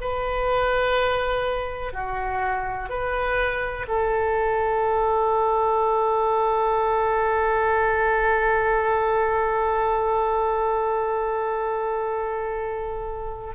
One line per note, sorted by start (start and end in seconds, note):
0.00 1.93 B4
1.93 2.89 F#4
2.89 3.86 B4
3.88 13.54 A4